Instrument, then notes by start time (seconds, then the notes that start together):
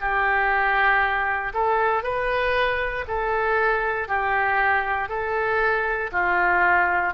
oboe
0.00 G4
1.53 A4
2.03 B4
3.07 A4
4.07 G4
5.08 A4
6.12 F4